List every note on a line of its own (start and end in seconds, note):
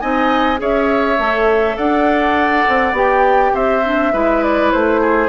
0.00 0.61 C4
0.00 0.58 D#4
0.00 0.60 D#5
0.00 0.59 G#5
0.58 1.19 C#4
0.58 1.17 G#4
0.58 1.77 C#5
0.58 1.77 E5
1.19 1.78 A3
1.19 2.95 A4
1.77 2.66 D4
1.77 3.54 D5
1.77 2.95 F#5
2.69 2.93 C4
2.93 3.51 B3
2.93 3.83 G4
2.93 3.56 G5
3.54 4.13 C4
3.54 4.13 C5
3.54 4.44 E5
3.84 4.14 D4
4.13 4.72 G#3
4.13 5.30 E4
4.13 5.01 B4
4.44 4.73 D5
4.73 5.30 A3
4.73 5.30 C5
5.01 5.30 G#4